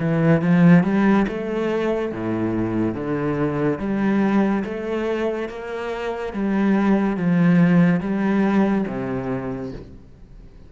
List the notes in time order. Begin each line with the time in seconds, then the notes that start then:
0.00 E3
0.42 F3
0.84 G3
1.28 A3
2.13 A2
2.95 D3
3.80 G3
4.65 A3
5.49 A#3
6.33 G3
7.18 F3
8.01 G3
8.88 C3